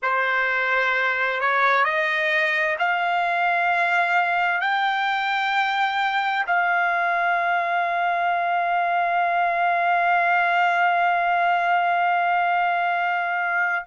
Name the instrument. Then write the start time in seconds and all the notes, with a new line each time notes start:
trumpet
0.02 C5
1.40 C#5
1.84 D#5
2.78 F5
4.60 G5
6.46 F5